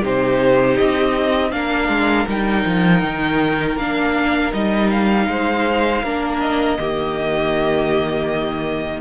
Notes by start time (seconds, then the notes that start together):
0.00 C3 D#4 G4 C5
0.77 C4 D#5
1.51 A#3 D4 A#4 F5
1.88 G#3
2.27 G3 D#4 G5
2.65 F3
3.02 D#3
3.76 A#3 D4 F5
4.52 G3 D#4 D#5
4.90 F5
5.27 G#3 C5
6.03 A#3 D4 A#4
6.40 D#5
6.78 D#3 A#3 G4